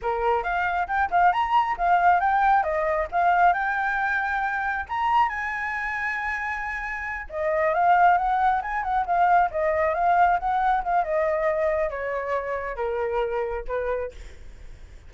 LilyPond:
\new Staff \with { instrumentName = "flute" } { \time 4/4 \tempo 4 = 136 ais'4 f''4 g''8 f''8 ais''4 | f''4 g''4 dis''4 f''4 | g''2. ais''4 | gis''1~ |
gis''8 dis''4 f''4 fis''4 gis''8 | fis''8 f''4 dis''4 f''4 fis''8~ | fis''8 f''8 dis''2 cis''4~ | cis''4 ais'2 b'4 | }